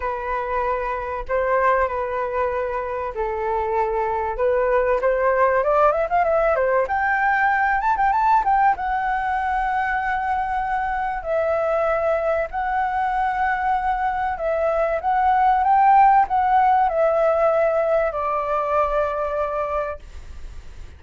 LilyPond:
\new Staff \with { instrumentName = "flute" } { \time 4/4 \tempo 4 = 96 b'2 c''4 b'4~ | b'4 a'2 b'4 | c''4 d''8 e''16 f''16 e''8 c''8 g''4~ | g''8 a''16 g''16 a''8 g''8 fis''2~ |
fis''2 e''2 | fis''2. e''4 | fis''4 g''4 fis''4 e''4~ | e''4 d''2. | }